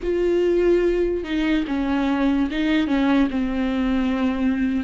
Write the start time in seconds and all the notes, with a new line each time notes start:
0.02 F4
1.23 D#4
1.67 C#4
2.50 D#4
2.87 C#4
3.30 C4